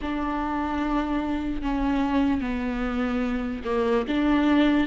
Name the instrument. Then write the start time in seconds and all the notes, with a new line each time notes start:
viola
0.01 D4
1.61 C#4
2.41 B3
3.64 A#3
4.07 D4